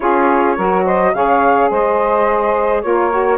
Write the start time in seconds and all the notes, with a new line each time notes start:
0.00 C#4 F4 G#4 C#5
0.56 F#3 F#4 A#4
0.84 C5 D#5
1.13 C#3 G#4 C#5 F5
1.70 G#3 C5 D#5
2.81 A#3 F4 A#4 C#5
3.11 F#4